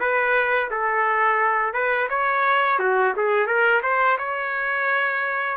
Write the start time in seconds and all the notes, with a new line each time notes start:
0.00 B4
0.71 A4
1.74 B4
2.10 C#5
2.79 F#4
3.17 G#4
3.47 A#4
3.83 C5
4.19 C#5